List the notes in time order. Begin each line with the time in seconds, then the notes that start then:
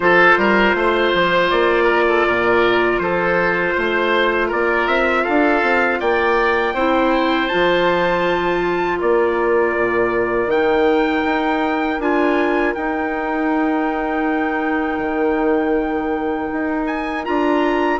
0.00 F3 F4 A4 C5
0.37 G3 A#4
0.74 A3 C5
1.14 F3
1.50 A#3 D5
1.83 A#4
2.08 A4
2.27 A#2 A#4
2.99 F3 A4 C5
3.75 A3 C5
4.48 A#3 A#4 D5
4.87 C4 E5
5.24 D4 A4 F5
5.62 C4
6.00 A#3 D5 G5
6.73 C4 E4 C5
7.48 F3 F4 A5
8.98 A#3 A#4 D5
9.76 A#2
10.46 D#3 D#4 G5
11.24 D#4
11.99 D4 F4 G#5
12.74 D#4 G5
14.98 D#3
16.52 D#4
16.86 G#5
17.25 D4 F4 A#5